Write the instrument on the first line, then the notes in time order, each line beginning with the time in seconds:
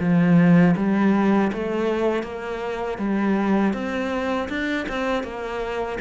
cello
0.00 F3
0.76 G3
1.53 A3
2.23 A#3
2.98 G3
3.74 C4
4.49 D4
4.89 C4
5.24 A#3